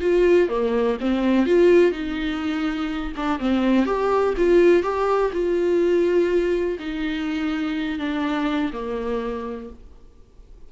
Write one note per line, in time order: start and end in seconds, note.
0.00 0.48 F4
0.48 0.97 A#3
1.00 1.46 C4
1.46 1.91 F4
1.91 3.12 D#4
3.16 3.39 D4
3.39 3.85 C4
3.85 4.34 G4
4.37 4.82 F4
4.82 5.31 G4
5.32 6.77 F4
6.79 7.98 D#4
7.98 8.71 D4
8.72 9.69 A#3